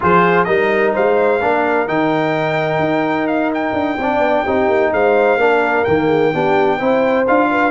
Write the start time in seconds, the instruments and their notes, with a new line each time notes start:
0.00 tuba F3, trombone F4, horn G#4, trumpet C5
0.44 tuba G3, trombone D#4, horn A#4, trumpet D#5
0.93 tuba G#3, horn C5, trumpet F5
1.40 tuba A#3, trombone D4, horn A#4
1.87 tuba D#3, trombone D#4, trumpet G5
2.78 tuba D#4
3.27 trumpet F5
3.54 trumpet G5
3.73 tuba D4
3.97 tuba C4, trombone D4, horn D5
4.18 tuba B3
4.43 tuba C4, trombone D#4, horn G4
4.68 tuba A#3
4.91 tuba G#3, horn C5, trumpet F5
5.36 tuba A#3, trombone D4, horn A#4
5.84 tuba D#3, trombone A#3, trumpet G5
6.07 horn G#4
6.33 tuba B3, trombone D4, horn G4
6.77 tuba C4, trombone E4, horn C5
7.27 tuba D4, trombone F4, trumpet F5
7.50 horn B4